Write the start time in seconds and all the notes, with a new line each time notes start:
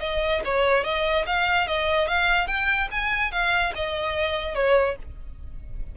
0.00 D#5
0.45 C#5
0.84 D#5
1.26 F5
1.67 D#5
2.08 F5
2.47 G5
2.91 G#5
3.32 F5
3.75 D#5
4.55 C#5